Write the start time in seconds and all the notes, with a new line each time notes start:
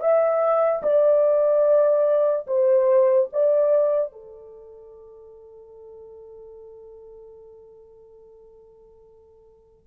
0.00 E5
0.82 D5
2.47 C5
3.33 D5
4.12 A4